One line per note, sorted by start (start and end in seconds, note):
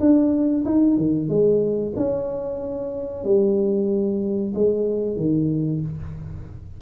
0.00 0.65 D4
0.65 0.97 D#4
0.97 1.29 D#3
1.29 1.93 G#3
1.96 3.24 C#4
3.24 4.53 G3
4.54 5.16 G#3
5.16 5.81 D#3